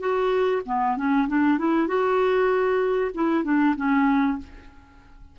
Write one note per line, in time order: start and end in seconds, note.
0.00 0.62 F#4
0.66 0.97 B3
0.97 1.28 C#4
1.28 1.59 D4
1.59 1.88 E4
1.88 3.11 F#4
3.14 3.44 E4
3.44 3.75 D4
3.76 4.38 C#4